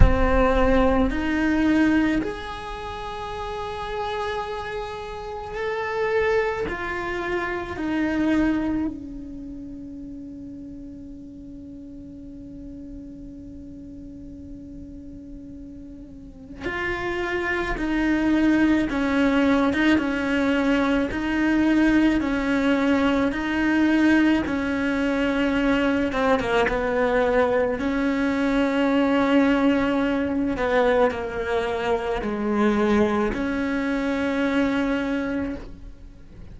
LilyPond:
\new Staff \with { instrumentName = "cello" } { \time 4/4 \tempo 4 = 54 c'4 dis'4 gis'2~ | gis'4 a'4 f'4 dis'4 | cis'1~ | cis'2. f'4 |
dis'4 cis'8. dis'16 cis'4 dis'4 | cis'4 dis'4 cis'4. c'16 ais16 | b4 cis'2~ cis'8 b8 | ais4 gis4 cis'2 | }